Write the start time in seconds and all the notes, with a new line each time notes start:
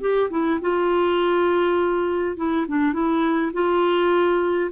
0.00 G4
0.30 E4
0.61 F4
2.36 E4
2.68 D4
2.93 E4
3.52 F4